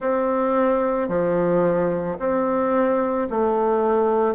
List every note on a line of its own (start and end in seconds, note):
0.00 1.08 C4
1.08 2.17 F3
2.19 3.28 C4
3.30 4.34 A3